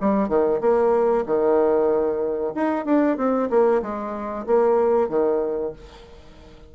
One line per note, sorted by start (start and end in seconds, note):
0.00 0.28 G3
0.28 0.60 D#3
0.61 1.24 A#3
1.26 2.53 D#3
2.55 2.85 D#4
2.85 3.17 D4
3.17 3.49 C4
3.50 3.82 A#3
3.82 4.46 G#3
4.46 5.09 A#3
5.09 5.72 D#3